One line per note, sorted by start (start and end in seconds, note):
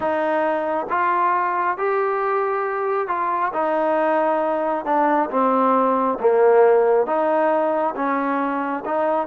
0.00 0.87 D#4
0.89 1.77 F4
1.77 3.07 G4
3.07 3.51 F4
3.53 4.85 D#4
4.85 5.29 D4
5.30 6.18 C4
6.20 7.06 A#3
7.06 7.94 D#4
7.95 8.83 C#4
8.85 9.27 D#4